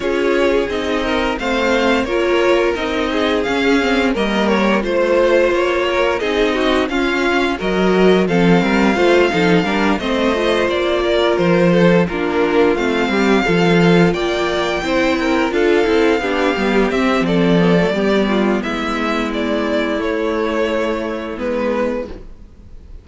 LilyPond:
<<
  \new Staff \with { instrumentName = "violin" } { \time 4/4 \tempo 4 = 87 cis''4 dis''4 f''4 cis''4 | dis''4 f''4 dis''8 cis''8 c''4 | cis''4 dis''4 f''4 dis''4 | f''2~ f''8 dis''4 d''8~ |
d''8 c''4 ais'4 f''4.~ | f''8 g''2 f''4.~ | f''8 e''8 d''2 e''4 | d''4 cis''2 b'4 | }
  \new Staff \with { instrumentName = "violin" } { \time 4/4 gis'4. ais'8 c''4 ais'4~ | ais'8 gis'4. ais'4 c''4~ | c''8 ais'8 gis'8 fis'8 f'4 ais'4 | a'8 ais'8 c''8 a'8 ais'8 c''4. |
ais'4 a'8 f'4. g'8 a'8~ | a'8 d''4 c''8 ais'8 a'4 g'8~ | g'4 a'4 g'8 f'8 e'4~ | e'1 | }
  \new Staff \with { instrumentName = "viola" } { \time 4/4 f'4 dis'4 c'4 f'4 | dis'4 cis'8 c'8 ais4 f'4~ | f'4 dis'4 cis'4 fis'4 | c'4 f'8 dis'8 d'8 c'8 f'4~ |
f'4. d'4 c'4 f'8~ | f'4. e'4 f'8 e'8 d'8 | b8 c'4 b16 a16 b2~ | b4 a2 b4 | }
  \new Staff \with { instrumentName = "cello" } { \time 4/4 cis'4 c'4 a4 ais4 | c'4 cis'4 g4 a4 | ais4 c'4 cis'4 fis4 | f8 g8 a8 f8 g8 a4 ais8~ |
ais8 f4 ais4 a8 g8 f8~ | f8 ais4 c'4 d'8 c'8 b8 | g8 c'8 f4 g4 gis4~ | gis4 a2 gis4 | }
>>